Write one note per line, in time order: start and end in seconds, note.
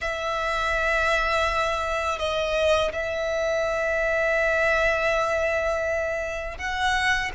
0.01 2.19 E5
2.19 2.92 D#5
2.92 6.58 E5
6.58 7.31 F#5